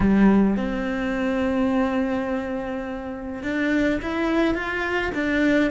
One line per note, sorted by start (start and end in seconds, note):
0.00 0.57 G3
0.57 3.42 C4
3.42 3.99 D4
4.02 4.54 E4
4.54 5.11 F4
5.14 5.71 D4